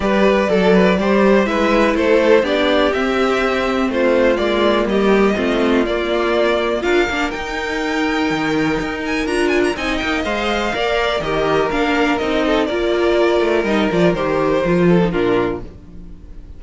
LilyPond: <<
  \new Staff \with { instrumentName = "violin" } { \time 4/4 \tempo 4 = 123 d''2. e''4 | c''4 d''4 e''2 | c''4 d''4 dis''2 | d''2 f''4 g''4~ |
g''2~ g''8 gis''8 ais''8 gis''16 ais''16 | gis''8 g''8 f''2 dis''4 | f''4 dis''4 d''2 | dis''8 d''8 c''2 ais'4 | }
  \new Staff \with { instrumentName = "violin" } { \time 4/4 b'4 a'8 b'8 c''4 b'4 | a'4 g'2. | f'2 g'4 f'4~ | f'2 ais'2~ |
ais'1 | dis''2 d''4 ais'4~ | ais'4. a'8 ais'2~ | ais'2~ ais'8 a'8 f'4 | }
  \new Staff \with { instrumentName = "viola" } { \time 4/4 g'4 a'4 g'4 e'4~ | e'4 d'4 c'2~ | c'4 ais2 c'4 | ais2 f'8 d'8 dis'4~ |
dis'2. f'4 | dis'4 c''4 ais'4 g'4 | d'4 dis'4 f'2 | dis'8 f'8 g'4 f'8. dis'16 d'4 | }
  \new Staff \with { instrumentName = "cello" } { \time 4/4 g4 fis4 g4 gis4 | a4 b4 c'2 | a4 gis4 g4 a4 | ais2 d'8 ais8 dis'4~ |
dis'4 dis4 dis'4 d'4 | c'8 ais8 gis4 ais4 dis4 | ais4 c'4 ais4. a8 | g8 f8 dis4 f4 ais,4 | }
>>